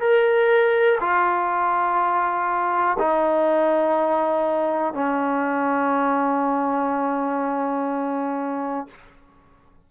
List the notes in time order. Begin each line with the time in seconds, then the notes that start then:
0.00 A#4
1.01 F4
2.99 D#4
4.94 C#4